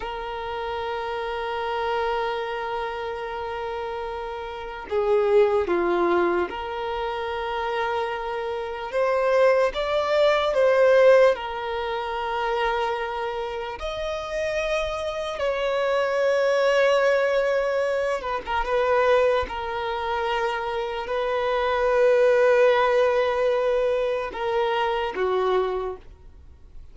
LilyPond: \new Staff \with { instrumentName = "violin" } { \time 4/4 \tempo 4 = 74 ais'1~ | ais'2 gis'4 f'4 | ais'2. c''4 | d''4 c''4 ais'2~ |
ais'4 dis''2 cis''4~ | cis''2~ cis''8 b'16 ais'16 b'4 | ais'2 b'2~ | b'2 ais'4 fis'4 | }